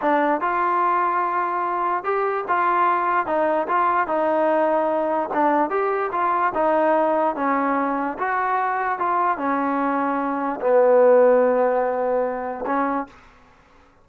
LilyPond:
\new Staff \with { instrumentName = "trombone" } { \time 4/4 \tempo 4 = 147 d'4 f'2.~ | f'4 g'4 f'2 | dis'4 f'4 dis'2~ | dis'4 d'4 g'4 f'4 |
dis'2 cis'2 | fis'2 f'4 cis'4~ | cis'2 b2~ | b2. cis'4 | }